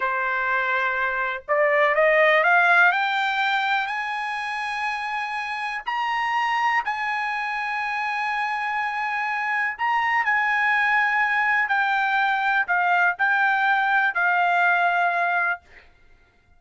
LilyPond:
\new Staff \with { instrumentName = "trumpet" } { \time 4/4 \tempo 4 = 123 c''2. d''4 | dis''4 f''4 g''2 | gis''1 | ais''2 gis''2~ |
gis''1 | ais''4 gis''2. | g''2 f''4 g''4~ | g''4 f''2. | }